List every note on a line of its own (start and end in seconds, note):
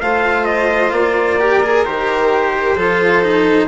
0.00 0.91 A3
0.00 1.39 F4
0.00 1.40 C5
0.00 0.45 F5
0.45 0.91 D#5
0.91 1.84 A#3
0.91 1.84 D5
1.39 1.62 G4
1.39 2.76 A#4
1.63 1.85 G#4
1.85 2.76 D#3
1.85 2.78 G4
1.85 3.68 C5
2.76 3.68 F3
2.76 3.22 F4
2.76 3.68 A4
3.22 3.68 D#4